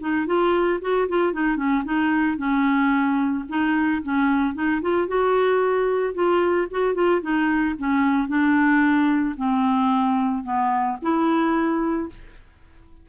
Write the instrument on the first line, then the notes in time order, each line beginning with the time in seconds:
clarinet
0.00 D#4
0.26 F4
0.81 F#4
1.09 F4
1.33 D#4
1.57 C#4
1.85 D#4
2.37 C#4
3.49 D#4
4.03 C#4
4.54 D#4
4.82 F4
5.08 F#4
6.14 F4
6.71 F#4
6.94 F4
7.22 D#4
7.78 C#4
8.28 D4
9.37 C4
10.44 B3
11.02 E4